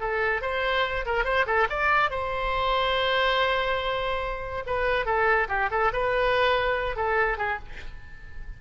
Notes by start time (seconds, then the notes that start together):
0.00 A4
0.42 C5
1.05 A#4
1.24 C5
1.47 A4
1.69 D5
2.10 C5
4.66 B4
5.06 A4
5.49 G4
5.71 A4
5.93 B4
6.96 A4
7.38 G#4